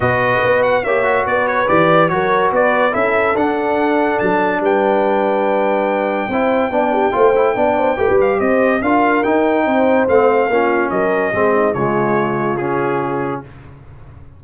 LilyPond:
<<
  \new Staff \with { instrumentName = "trumpet" } { \time 4/4 \tempo 4 = 143 dis''4. fis''8 e''4 d''8 cis''8 | d''4 cis''4 d''4 e''4 | fis''2 a''4 g''4~ | g''1~ |
g''2.~ g''8 f''8 | dis''4 f''4 g''2 | f''2 dis''2 | cis''2 gis'2 | }
  \new Staff \with { instrumentName = "horn" } { \time 4/4 b'2 cis''4 b'4~ | b'4 ais'4 b'4 a'4~ | a'2. b'4~ | b'2. c''4 |
d''8 g'8 c''4 d''8 c''8 b'4 | c''4 ais'2 c''4~ | c''4 f'4 ais'4 gis'8 dis'8 | f'1 | }
  \new Staff \with { instrumentName = "trombone" } { \time 4/4 fis'2 g'8 fis'4. | g'4 fis'2 e'4 | d'1~ | d'2. e'4 |
d'4 f'8 e'8 d'4 g'4~ | g'4 f'4 dis'2 | c'4 cis'2 c'4 | gis2 cis'2 | }
  \new Staff \with { instrumentName = "tuba" } { \time 4/4 b,4 b4 ais4 b4 | e4 fis4 b4 cis'4 | d'2 fis4 g4~ | g2. c'4 |
b4 a4 b4 a16 g8. | c'4 d'4 dis'4 c'4 | a4 ais4 fis4 gis4 | cis1 | }
>>